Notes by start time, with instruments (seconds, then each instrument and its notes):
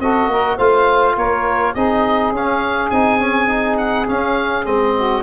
0.00 tuba C4, trombone F#4, saxophone A4, oboe D#5
0.27 tuba A#3, saxophone A#4
0.56 tuba A3, trombone F4, saxophone C5, oboe F5
1.16 tuba A#3, saxophone A#4, oboe C#5
1.74 tuba C4, trombone D#4, saxophone G#4, oboe D#5
2.32 tuba C#4, trombone C#4, oboe F5
2.90 tuba C4, trombone D#4, oboe G#5
3.20 trombone C#4
3.48 trombone D#4
3.78 oboe F#5
4.07 trombone C#4, tuba C#4, oboe F5
4.65 tuba G#3, trombone C4, oboe D#5
4.95 saxophone F#4